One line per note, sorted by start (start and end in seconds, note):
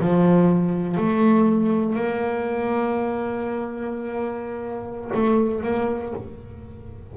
0.00 0.97 F3
0.97 1.96 A3
1.96 5.11 A#3
5.14 5.63 A3
5.63 6.14 A#3